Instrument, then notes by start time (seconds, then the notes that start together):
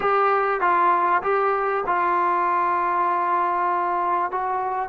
trombone
0.00 G4
0.60 F4
1.22 G4
1.86 F4
4.31 F#4